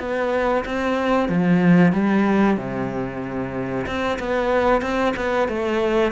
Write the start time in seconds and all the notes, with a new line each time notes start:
0.00 B3
0.65 C4
1.29 F3
1.93 G3
2.57 C3
3.87 C4
4.20 B3
4.82 C4
5.17 B3
5.49 A3